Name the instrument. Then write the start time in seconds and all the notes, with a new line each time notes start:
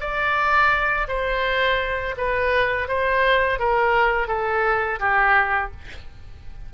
oboe
0.00 D5
1.07 C5
2.17 B4
2.88 C5
3.59 A#4
4.27 A4
4.99 G4